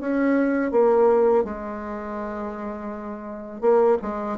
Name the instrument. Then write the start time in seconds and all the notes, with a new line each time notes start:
bassoon
0.00 C#4
0.72 A#3
1.44 G#3
3.61 A#3
4.02 G#3